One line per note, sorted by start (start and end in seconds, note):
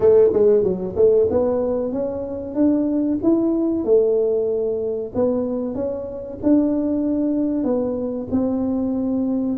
0.00 0.30 A3
0.33 0.63 G#3
0.63 0.95 F#3
0.96 1.28 A3
1.30 1.92 B3
1.92 2.54 C#4
2.54 3.18 D4
3.22 3.84 E4
3.84 5.12 A3
5.14 5.74 B3
5.74 6.38 C#4
6.43 7.64 D4
7.64 8.27 B3
8.31 9.58 C4